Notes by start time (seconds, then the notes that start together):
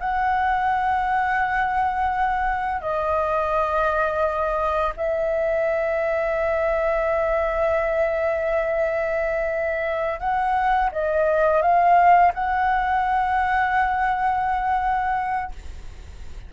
0.00 F#5
2.81 D#5
4.97 E5
10.20 F#5
10.92 D#5
11.62 F5
12.34 F#5